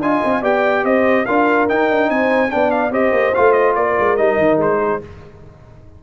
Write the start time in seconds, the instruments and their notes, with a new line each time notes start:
0.00 tuba D4, trombone F4, horn D#5, trumpet G#5
0.25 tuba C4
0.42 tuba B3, trombone G4, horn D5, trumpet G5
0.84 tuba C4, horn C5, trumpet D#5
1.26 tuba D4, trombone F4, horn A#4, trumpet F5
1.69 trombone D#4, tuba D#4, trumpet G5
1.91 tuba D4
2.10 tuba C4, horn C5, trumpet G#5
2.50 tuba B3, trombone D4, horn D5, trumpet G5
2.71 trumpet F5
2.90 tuba C4, trombone G4, horn C5, trumpet D#5
3.12 tuba A#3
3.35 tuba A3, trombone F4, trumpet F5
3.53 trumpet D#5
3.76 tuba A#3, horn A#4, trumpet D5
3.99 tuba G#3
4.17 tuba G3, trombone D#4, trumpet D#5
4.38 tuba D#3
4.58 tuba G#3, trumpet C5
4.80 horn G#4